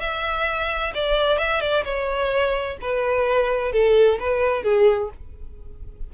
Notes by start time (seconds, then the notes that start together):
0.00 E5
0.95 D5
1.38 E5
1.61 D5
1.85 C#5
2.81 B4
3.72 A4
4.20 B4
4.63 G#4